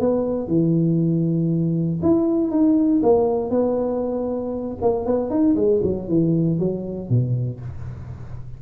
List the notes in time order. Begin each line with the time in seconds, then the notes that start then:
0.00 B3
0.48 E3
2.02 E4
2.51 D#4
3.03 A#3
3.51 B3
4.82 A#3
5.06 B3
5.30 D#4
5.56 G#3
5.83 F#3
6.09 E3
6.59 F#3
7.10 B2